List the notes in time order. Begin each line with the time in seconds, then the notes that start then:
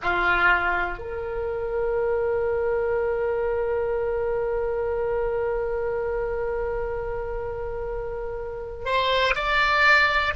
0.02 F4
0.98 A#4
8.85 C5
9.35 D5